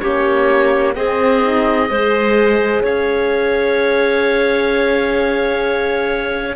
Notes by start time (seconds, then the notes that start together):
0.00 A#3 C#4 G4 C#5
0.96 C4 G#4 D#5
1.43 D#4
1.88 G#3 G#4 C5
2.83 C#4 C#5 F5